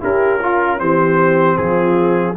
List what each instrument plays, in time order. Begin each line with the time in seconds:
0.00 tuba C#4, trombone E4, horn G4, trumpet A#4
0.39 horn F4, trombone F4
0.78 tuba E3, trombone C4, horn G4, trumpet C5
1.57 tuba F3, horn F4, trumpet G#4